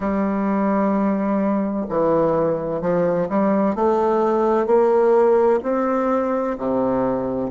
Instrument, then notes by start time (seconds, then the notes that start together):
bassoon
0.00 G3
1.89 E3
2.81 F3
3.29 G3
3.75 A3
4.66 A#3
5.62 C4
6.58 C3